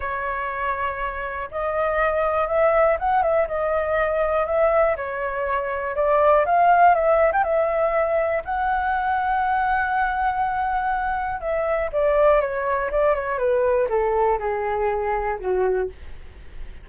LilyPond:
\new Staff \with { instrumentName = "flute" } { \time 4/4 \tempo 4 = 121 cis''2. dis''4~ | dis''4 e''4 fis''8 e''8 dis''4~ | dis''4 e''4 cis''2 | d''4 f''4 e''8. g''16 e''4~ |
e''4 fis''2.~ | fis''2. e''4 | d''4 cis''4 d''8 cis''8 b'4 | a'4 gis'2 fis'4 | }